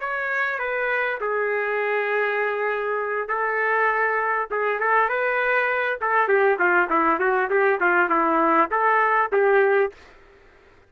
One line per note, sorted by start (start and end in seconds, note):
0.00 0.59 C#5
0.59 1.19 B4
1.20 3.28 G#4
3.28 4.48 A4
4.50 4.79 G#4
4.79 5.09 A4
5.09 5.99 B4
6.01 6.28 A4
6.28 6.58 G4
6.59 6.89 F4
6.89 7.19 E4
7.19 7.49 F#4
7.49 7.79 G4
7.80 8.09 F4
8.09 8.69 E4
8.71 9.31 A4
9.32 9.92 G4